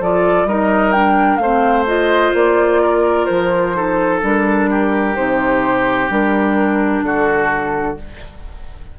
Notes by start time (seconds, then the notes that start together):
0.00 F3 F4 A4 D5
0.44 G3 D#4 A#4 D#5
0.92 D4 G5
1.37 A3 C5 F5
1.43 C4
1.87 F4 D#5
2.34 A#3 D5
2.82 A#4
3.25 F3 C5
3.74 D#4 A4
4.21 G3 D4 A#4
4.70 G4
5.15 C3 D#4 C5
6.09 G3 D4 A#4
7.02 D3 F#4 A4